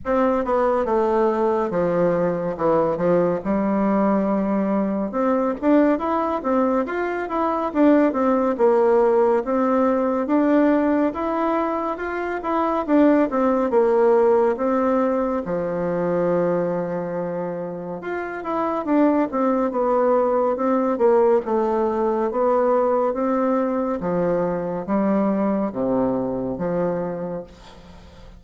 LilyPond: \new Staff \with { instrumentName = "bassoon" } { \time 4/4 \tempo 4 = 70 c'8 b8 a4 f4 e8 f8 | g2 c'8 d'8 e'8 c'8 | f'8 e'8 d'8 c'8 ais4 c'4 | d'4 e'4 f'8 e'8 d'8 c'8 |
ais4 c'4 f2~ | f4 f'8 e'8 d'8 c'8 b4 | c'8 ais8 a4 b4 c'4 | f4 g4 c4 f4 | }